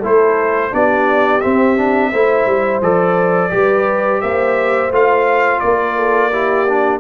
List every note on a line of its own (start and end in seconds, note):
0.00 0.73 A3
0.00 0.72 E4
0.00 0.70 A4
0.00 0.75 C5
0.72 1.44 B3
0.72 1.42 D4
0.72 2.11 G4
0.72 1.41 D5
1.41 1.78 C4
1.41 2.14 C4
1.41 2.81 E5
1.78 2.12 D4
2.11 2.47 A3
2.11 2.83 E4
2.11 3.51 C5
2.47 2.82 G3
2.82 3.51 F3
2.82 3.50 A4
2.82 4.22 D5
3.50 4.22 G3
3.50 4.89 G4
3.50 4.23 B4
4.22 4.91 A#3
4.22 5.63 C5
4.22 4.91 E5
4.91 5.61 A3
4.91 6.32 F4
4.91 5.60 F5
5.60 7.00 A#3
5.60 5.97 A#4
5.60 7.00 D5
5.97 6.31 A4
6.31 6.68 E4
6.31 7.00 G4
6.69 7.00 D4